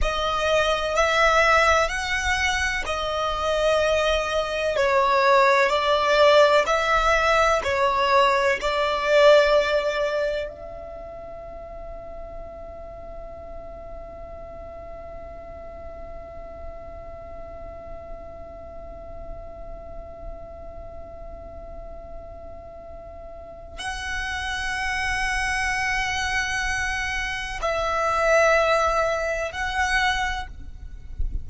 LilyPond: \new Staff \with { instrumentName = "violin" } { \time 4/4 \tempo 4 = 63 dis''4 e''4 fis''4 dis''4~ | dis''4 cis''4 d''4 e''4 | cis''4 d''2 e''4~ | e''1~ |
e''1~ | e''1~ | e''4 fis''2.~ | fis''4 e''2 fis''4 | }